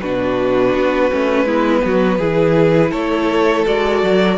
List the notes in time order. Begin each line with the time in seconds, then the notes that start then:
0.00 B2 D4 F#4 B4
0.74 B3
1.11 A3 C#4
1.45 G#3 B3 E4
1.85 F#3 F#4
2.18 E3 E4 G#4
2.91 A3 A4 C#5
3.66 G#3 F#4 D5
4.03 F#3